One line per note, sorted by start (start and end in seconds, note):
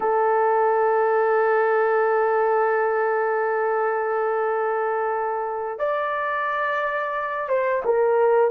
0.00 5.78 A4
5.78 7.48 D5
7.48 7.82 C5
7.84 8.50 A#4